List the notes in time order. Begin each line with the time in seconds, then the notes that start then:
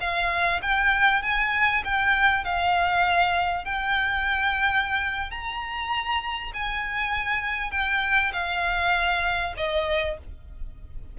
0.00 F5
0.61 G5
1.22 G#5
1.84 G5
2.44 F5
3.64 G5
5.30 A#5
6.53 G#5
7.71 G5
8.33 F5
9.56 D#5